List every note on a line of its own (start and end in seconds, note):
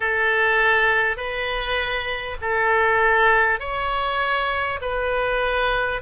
0.00 1.16 A4
1.16 2.36 B4
2.41 3.59 A4
3.59 4.79 C#5
4.81 6.01 B4